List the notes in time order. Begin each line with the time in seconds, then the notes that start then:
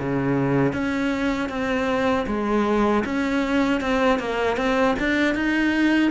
0.00 C#3
0.73 C#4
1.49 C4
2.27 G#3
3.05 C#4
3.81 C4
4.20 A#3
4.57 C4
4.99 D4
5.35 D#4